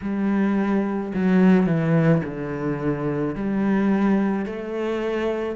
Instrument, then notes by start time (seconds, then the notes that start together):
cello
0.01 G3
1.14 F#3
1.66 E3
2.24 D3
3.35 G3
4.45 A3